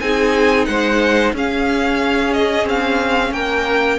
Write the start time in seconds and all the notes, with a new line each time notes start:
0.00 C4 D#4 G#4 G#5
0.66 G#3 C5 F#5
1.33 C#4 G#4 F5
2.34 D#5
2.64 C4 F5
3.32 A#3 A#4 G5